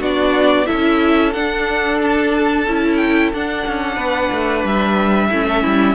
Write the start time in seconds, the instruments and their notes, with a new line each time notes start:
0.00 cello B3, viola D4, violin F#4 D5
0.66 viola E4, violin A4 E5
0.72 cello C#4
1.32 viola D4, cello D4, violin F#5
2.01 violin A5
2.66 cello C#4, viola E4
2.96 violin G5
3.33 viola D4, cello D4, violin F#5
3.67 cello C#4
3.95 cello B3, violin B4
4.31 cello A3
4.64 cello G3, violin E5
5.29 cello A3, viola C#4, violin E4
5.48 violin A4
5.62 cello G3, violin E4